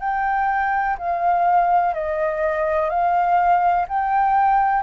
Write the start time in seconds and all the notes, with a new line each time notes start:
0.00 G5
0.98 F5
1.94 D#5
2.89 F5
3.88 G5